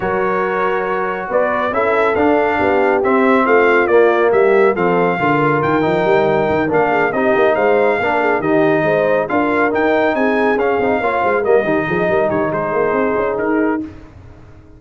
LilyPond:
<<
  \new Staff \with { instrumentName = "trumpet" } { \time 4/4 \tempo 4 = 139 cis''2. d''4 | e''4 f''2 e''4 | f''4 d''4 e''4 f''4~ | f''4 g''2~ g''8 f''8~ |
f''8 dis''4 f''2 dis''8~ | dis''4. f''4 g''4 gis''8~ | gis''8 f''2 dis''4.~ | dis''8 cis''8 c''2 ais'4 | }
  \new Staff \with { instrumentName = "horn" } { \time 4/4 ais'2. b'4 | a'2 g'2 | f'2 g'4 a'4 | ais'1 |
gis'8 g'4 c''4 ais'8 gis'8 g'8~ | g'8 c''4 ais'2 gis'8~ | gis'4. cis''8 c''8 ais'8 g'8 gis'8 | ais'8 g'8 gis'2. | }
  \new Staff \with { instrumentName = "trombone" } { \time 4/4 fis'1 | e'4 d'2 c'4~ | c'4 ais2 c'4 | f'4. dis'2 d'8~ |
d'8 dis'2 d'4 dis'8~ | dis'4. f'4 dis'4.~ | dis'8 cis'8 dis'8 f'4 ais8 dis'4~ | dis'1 | }
  \new Staff \with { instrumentName = "tuba" } { \time 4/4 fis2. b4 | cis'4 d'4 b4 c'4 | a4 ais4 g4 f4 | d4 dis8 f8 g4 dis8 ais8~ |
ais8 c'8 ais8 gis4 ais4 dis8~ | dis8 gis4 d'4 dis'4 c'8~ | c'8 cis'8 c'8 ais8 gis8 g8 dis8 f8 | g8 dis8 gis8 ais8 c'8 cis'8 dis'4 | }
>>